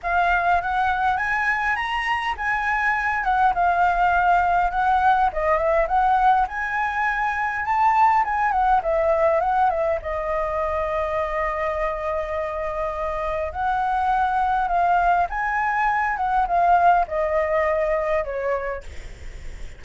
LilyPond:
\new Staff \with { instrumentName = "flute" } { \time 4/4 \tempo 4 = 102 f''4 fis''4 gis''4 ais''4 | gis''4. fis''8 f''2 | fis''4 dis''8 e''8 fis''4 gis''4~ | gis''4 a''4 gis''8 fis''8 e''4 |
fis''8 e''8 dis''2.~ | dis''2. fis''4~ | fis''4 f''4 gis''4. fis''8 | f''4 dis''2 cis''4 | }